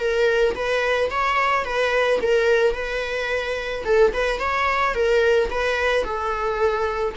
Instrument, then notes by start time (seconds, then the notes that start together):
viola
0.00 A#4
0.55 B4
1.11 C#5
1.65 B4
2.22 A#4
2.74 B4
3.85 A4
4.13 B4
4.40 C#5
4.94 A#4
5.51 B4
6.04 A4